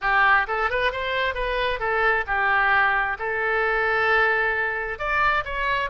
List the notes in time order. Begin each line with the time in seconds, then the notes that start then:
0.01 G4
0.47 A4
0.69 B4
0.92 C5
1.34 B4
1.79 A4
2.26 G4
3.18 A4
4.98 D5
5.44 C#5